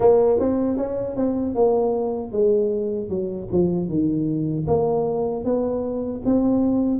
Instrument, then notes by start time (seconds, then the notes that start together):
tuba
0.00 A#3
0.39 C4
0.77 C#4
1.16 C4
1.54 A#3
2.32 G#3
3.09 F#3
3.51 F3
3.88 D#3
4.67 A#3
5.44 B3
6.25 C4